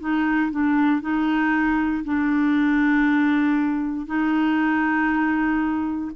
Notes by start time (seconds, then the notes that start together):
0.00 D#4
0.51 D4
1.01 D#4
2.05 D4
4.06 D#4